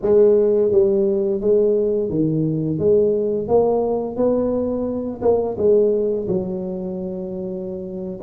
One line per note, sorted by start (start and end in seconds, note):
0.02 0.71 G#3
0.71 1.40 G3
1.40 2.09 G#3
2.09 2.78 D#3
2.78 3.48 G#3
3.48 4.16 A#3
4.16 5.21 B3
5.21 5.56 A#3
5.57 6.27 G#3
6.28 8.19 F#3